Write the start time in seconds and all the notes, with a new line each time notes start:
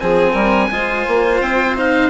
0.00 F3 C4 G#4 G#5
0.33 G3 A#4
0.71 G#3 F4 C5
1.08 A#3
1.41 C4 G5
1.76 D#4 F5